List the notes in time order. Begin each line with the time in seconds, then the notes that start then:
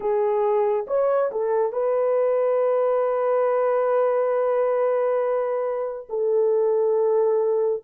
0.00 G#4
0.87 C#5
1.31 A4
1.72 B4
6.09 A4